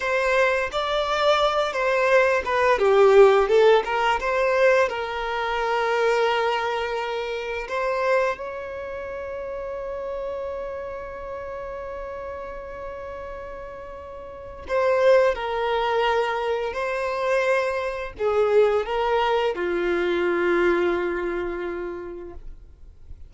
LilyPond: \new Staff \with { instrumentName = "violin" } { \time 4/4 \tempo 4 = 86 c''4 d''4. c''4 b'8 | g'4 a'8 ais'8 c''4 ais'4~ | ais'2. c''4 | cis''1~ |
cis''1~ | cis''4 c''4 ais'2 | c''2 gis'4 ais'4 | f'1 | }